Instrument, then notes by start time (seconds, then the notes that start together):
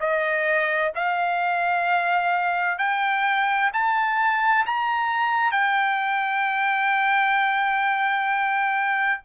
trumpet
0.00 D#5
0.95 F5
2.79 G5
3.73 A5
4.66 A#5
5.52 G5